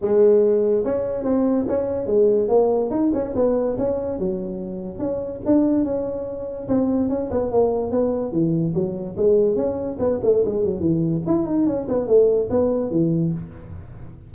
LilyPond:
\new Staff \with { instrumentName = "tuba" } { \time 4/4 \tempo 4 = 144 gis2 cis'4 c'4 | cis'4 gis4 ais4 dis'8 cis'8 | b4 cis'4 fis2 | cis'4 d'4 cis'2 |
c'4 cis'8 b8 ais4 b4 | e4 fis4 gis4 cis'4 | b8 a8 gis8 fis8 e4 e'8 dis'8 | cis'8 b8 a4 b4 e4 | }